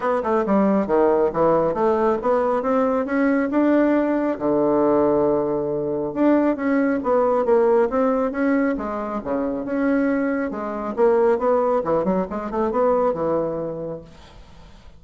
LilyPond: \new Staff \with { instrumentName = "bassoon" } { \time 4/4 \tempo 4 = 137 b8 a8 g4 dis4 e4 | a4 b4 c'4 cis'4 | d'2 d2~ | d2 d'4 cis'4 |
b4 ais4 c'4 cis'4 | gis4 cis4 cis'2 | gis4 ais4 b4 e8 fis8 | gis8 a8 b4 e2 | }